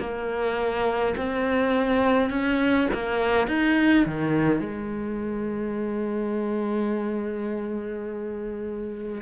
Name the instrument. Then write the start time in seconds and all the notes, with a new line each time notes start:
cello
0.00 A#3
1.17 C4
2.31 C#4
2.94 A#3
3.48 D#4
4.06 D#3
4.60 G#3